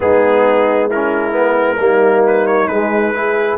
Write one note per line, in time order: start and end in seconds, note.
0.00 1.78 G#3
0.00 0.90 B3
0.00 0.87 D#4
0.00 0.90 G#4
0.87 1.77 E4
0.87 2.25 A#4
0.94 1.32 C#4
1.32 1.76 B3
1.78 2.67 G3
1.78 2.68 A#3
1.78 3.14 D#4
2.26 2.46 B4
2.46 2.67 C#5
2.67 3.57 G#3
2.67 3.14 G#3
2.67 3.57 B4
3.14 3.58 E4
3.14 3.58 G#4